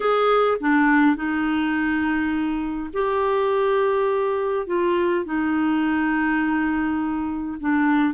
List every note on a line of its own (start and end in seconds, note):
0.00 0.57 G#4
0.60 1.15 D4
1.15 2.90 D#4
2.93 4.67 G4
4.67 5.25 F4
5.25 7.58 D#4
7.60 8.14 D4